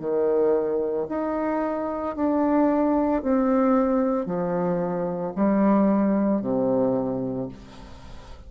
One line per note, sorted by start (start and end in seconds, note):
0.00 1.07 D#3
1.09 2.16 D#4
2.16 3.23 D4
3.23 4.27 C4
4.27 5.34 F3
5.36 6.42 G3
6.42 7.49 C3